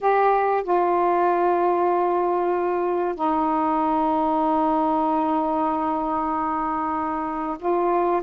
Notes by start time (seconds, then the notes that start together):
0.01 G4
0.63 F4
3.15 D#4
7.59 F4